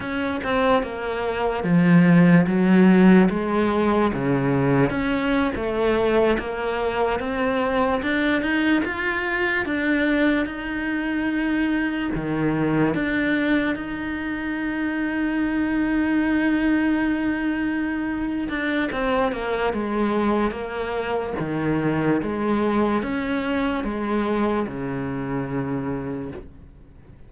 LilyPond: \new Staff \with { instrumentName = "cello" } { \time 4/4 \tempo 4 = 73 cis'8 c'8 ais4 f4 fis4 | gis4 cis4 cis'8. a4 ais16~ | ais8. c'4 d'8 dis'8 f'4 d'16~ | d'8. dis'2 dis4 d'16~ |
d'8. dis'2.~ dis'16~ | dis'2~ dis'8 d'8 c'8 ais8 | gis4 ais4 dis4 gis4 | cis'4 gis4 cis2 | }